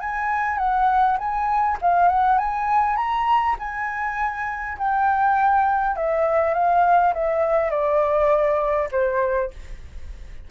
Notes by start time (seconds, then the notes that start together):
0.00 G#5
0.58 F#5
1.18 G#5
1.81 F5
2.08 F#5
2.38 G#5
2.96 A#5
3.59 G#5
4.78 G5
5.96 E5
6.54 F5
7.14 E5
7.70 D5
8.91 C5